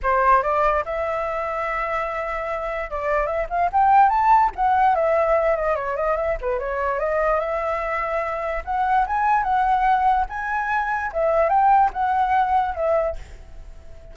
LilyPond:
\new Staff \with { instrumentName = "flute" } { \time 4/4 \tempo 4 = 146 c''4 d''4 e''2~ | e''2. d''4 | e''8 f''8 g''4 a''4 fis''4 | e''4. dis''8 cis''8 dis''8 e''8 b'8 |
cis''4 dis''4 e''2~ | e''4 fis''4 gis''4 fis''4~ | fis''4 gis''2 e''4 | g''4 fis''2 e''4 | }